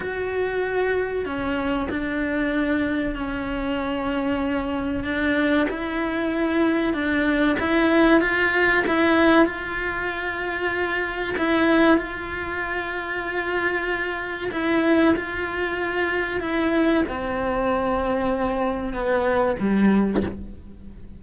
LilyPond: \new Staff \with { instrumentName = "cello" } { \time 4/4 \tempo 4 = 95 fis'2 cis'4 d'4~ | d'4 cis'2. | d'4 e'2 d'4 | e'4 f'4 e'4 f'4~ |
f'2 e'4 f'4~ | f'2. e'4 | f'2 e'4 c'4~ | c'2 b4 g4 | }